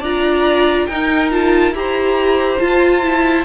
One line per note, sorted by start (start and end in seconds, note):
0.00 0.87 D4
0.00 0.90 F4
0.00 0.86 D5
0.00 0.86 A#5
0.86 1.71 D#4
0.86 1.31 D#4
0.86 1.75 A#4
0.86 1.29 G5
1.31 1.74 F4
1.31 1.74 A5
1.71 2.57 E4
1.71 2.59 G4
1.71 2.59 A#5
1.77 3.45 C5
2.59 3.02 F4
2.59 3.45 F4
2.59 3.45 A5
3.02 3.45 E4